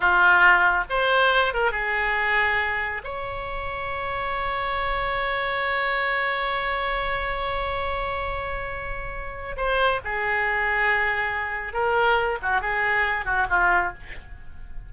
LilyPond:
\new Staff \with { instrumentName = "oboe" } { \time 4/4 \tempo 4 = 138 f'2 c''4. ais'8 | gis'2. cis''4~ | cis''1~ | cis''1~ |
cis''1~ | cis''2 c''4 gis'4~ | gis'2. ais'4~ | ais'8 fis'8 gis'4. fis'8 f'4 | }